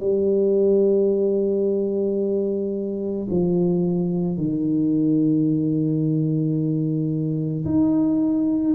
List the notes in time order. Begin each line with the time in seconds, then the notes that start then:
0.00 G3
3.30 F3
4.37 D#3
7.65 D#4